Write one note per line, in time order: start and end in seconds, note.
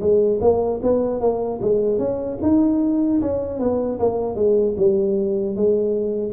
0.00 0.39 G#3
0.41 0.80 A#3
0.82 1.21 B3
1.21 1.60 A#3
1.61 1.98 G#3
1.98 2.38 C#4
2.42 3.21 D#4
3.21 3.60 C#4
3.60 3.99 B3
3.99 4.35 A#3
4.35 4.75 G#3
4.77 5.56 G3
5.56 6.33 G#3